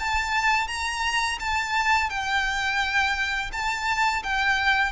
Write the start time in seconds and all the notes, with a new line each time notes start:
0.00 A5
0.68 A#5
1.40 A5
2.10 G5
3.53 A5
4.24 G5